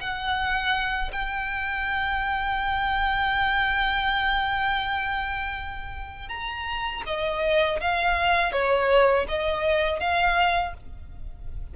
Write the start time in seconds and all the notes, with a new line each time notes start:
0.00 F#5
1.12 G5
6.28 A#5
7.06 D#5
7.80 F5
8.52 C#5
9.28 D#5
9.99 F5